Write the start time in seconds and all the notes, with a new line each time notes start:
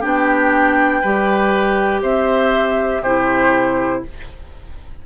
0.00 B3 D4 G4 G5
1.01 G3 G4 B4
2.02 C4 C5 E5
3.02 C3 E4 G4 C5